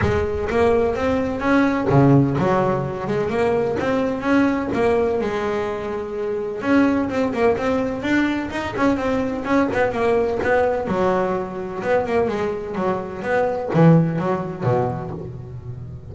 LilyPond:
\new Staff \with { instrumentName = "double bass" } { \time 4/4 \tempo 4 = 127 gis4 ais4 c'4 cis'4 | cis4 fis4. gis8 ais4 | c'4 cis'4 ais4 gis4~ | gis2 cis'4 c'8 ais8 |
c'4 d'4 dis'8 cis'8 c'4 | cis'8 b8 ais4 b4 fis4~ | fis4 b8 ais8 gis4 fis4 | b4 e4 fis4 b,4 | }